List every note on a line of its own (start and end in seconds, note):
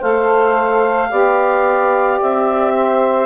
0.00 1.12 A3
0.00 1.10 A4
0.00 1.09 C5
0.00 2.20 F5
1.10 2.21 B3
1.10 3.26 G4
1.10 2.74 D5
2.22 3.26 C4
2.22 3.26 E5
2.75 3.26 C5